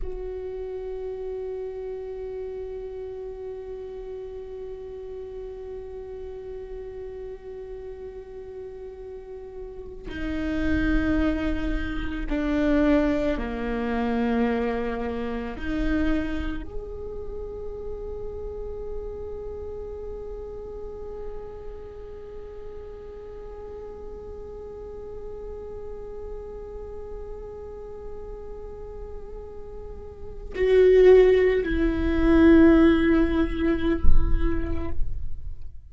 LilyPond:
\new Staff \with { instrumentName = "viola" } { \time 4/4 \tempo 4 = 55 fis'1~ | fis'1~ | fis'4~ fis'16 dis'2 d'8.~ | d'16 ais2 dis'4 gis'8.~ |
gis'1~ | gis'1~ | gis'1 | fis'4 e'2. | }